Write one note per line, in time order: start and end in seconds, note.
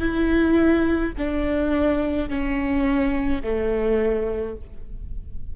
0.00 1.13 E4
1.18 2.30 D4
2.30 3.43 C#4
3.43 4.56 A3